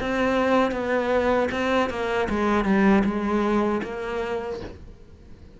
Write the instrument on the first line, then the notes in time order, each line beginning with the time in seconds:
cello
0.00 C4
0.71 B3
1.51 C4
1.90 A#3
2.29 G#3
2.64 G3
3.04 G#3
3.83 A#3